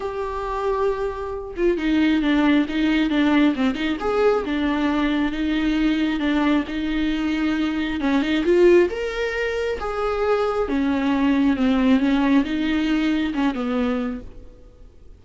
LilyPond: \new Staff \with { instrumentName = "viola" } { \time 4/4 \tempo 4 = 135 g'2.~ g'8 f'8 | dis'4 d'4 dis'4 d'4 | c'8 dis'8 gis'4 d'2 | dis'2 d'4 dis'4~ |
dis'2 cis'8 dis'8 f'4 | ais'2 gis'2 | cis'2 c'4 cis'4 | dis'2 cis'8 b4. | }